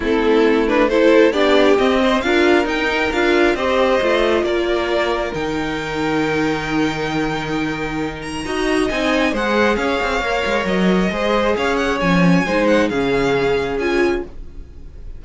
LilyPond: <<
  \new Staff \with { instrumentName = "violin" } { \time 4/4 \tempo 4 = 135 a'4. b'8 c''4 d''4 | dis''4 f''4 g''4 f''4 | dis''2 d''2 | g''1~ |
g''2~ g''8 ais''4. | gis''4 fis''4 f''2 | dis''2 f''8 fis''8 gis''4~ | gis''8 fis''8 f''2 gis''4 | }
  \new Staff \with { instrumentName = "violin" } { \time 4/4 e'2 a'4 g'4~ | g'8 c''8 ais'2. | c''2 ais'2~ | ais'1~ |
ais'2. dis''4~ | dis''4 c''4 cis''2~ | cis''4 c''4 cis''2 | c''4 gis'2. | }
  \new Staff \with { instrumentName = "viola" } { \time 4/4 c'4. d'8 e'4 d'4 | c'4 f'4 dis'4 f'4 | g'4 f'2. | dis'1~ |
dis'2. fis'4 | dis'4 gis'2 ais'4~ | ais'4 gis'2 cis'4 | dis'4 cis'2 f'4 | }
  \new Staff \with { instrumentName = "cello" } { \time 4/4 a2. b4 | c'4 d'4 dis'4 d'4 | c'4 a4 ais2 | dis1~ |
dis2. dis'4 | c'4 gis4 cis'8 c'8 ais8 gis8 | fis4 gis4 cis'4 f4 | gis4 cis2 cis'4 | }
>>